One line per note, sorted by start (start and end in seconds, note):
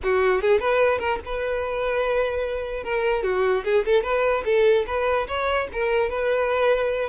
0.03 0.41 F#4
0.41 0.60 G#4
0.60 0.99 B4
0.99 1.19 A#4
1.25 2.83 B4
2.83 3.23 A#4
3.23 3.64 F#4
3.64 3.84 G#4
3.85 4.03 A4
4.03 4.43 B4
4.45 4.85 A4
4.86 5.27 B4
5.27 5.68 C#5
5.72 6.09 A#4
6.09 7.09 B4